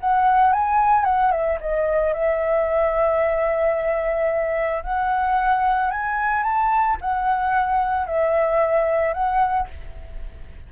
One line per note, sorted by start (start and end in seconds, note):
0.00 0.53 F#5
0.53 1.04 G#5
1.04 1.31 F#5
1.31 1.58 E5
1.60 2.13 D#5
2.13 4.83 E5
4.83 5.91 F#5
5.91 6.43 G#5
6.43 6.97 A5
7.01 8.07 F#5
8.07 9.14 E5
9.14 9.68 F#5